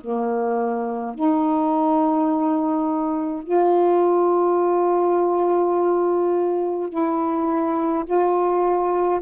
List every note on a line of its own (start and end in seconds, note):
0.00 1.15 A#3
1.15 3.43 D#4
3.43 6.89 F4
6.89 8.05 E4
8.05 9.20 F4